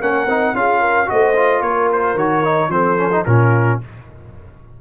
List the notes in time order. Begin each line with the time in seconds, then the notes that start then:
0.00 A#3 C#4 A#4 F#5
0.26 C4 D#4
0.54 C#4 F4 G#4 F5
0.80 A#4
1.05 A3 F#4 C5 D#5
1.36 F4
1.61 A#3 A#4 C#5
1.92 C5
2.14 D#3 F#4 C#5
2.44 D#4
2.68 F3 C4 A4 C5
2.97 C#4
3.11 D#4
3.25 A#2 C#4 F4 A#4